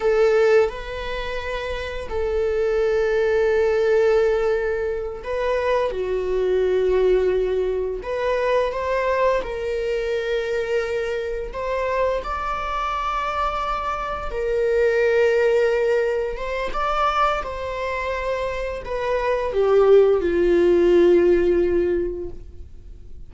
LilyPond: \new Staff \with { instrumentName = "viola" } { \time 4/4 \tempo 4 = 86 a'4 b'2 a'4~ | a'2.~ a'8 b'8~ | b'8 fis'2. b'8~ | b'8 c''4 ais'2~ ais'8~ |
ais'8 c''4 d''2~ d''8~ | d''8 ais'2. c''8 | d''4 c''2 b'4 | g'4 f'2. | }